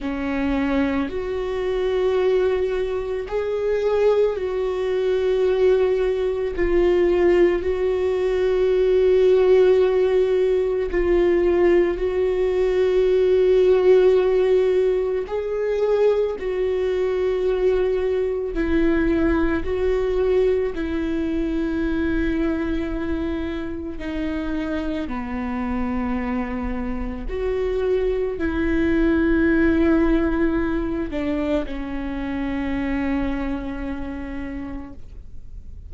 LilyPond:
\new Staff \with { instrumentName = "viola" } { \time 4/4 \tempo 4 = 55 cis'4 fis'2 gis'4 | fis'2 f'4 fis'4~ | fis'2 f'4 fis'4~ | fis'2 gis'4 fis'4~ |
fis'4 e'4 fis'4 e'4~ | e'2 dis'4 b4~ | b4 fis'4 e'2~ | e'8 d'8 cis'2. | }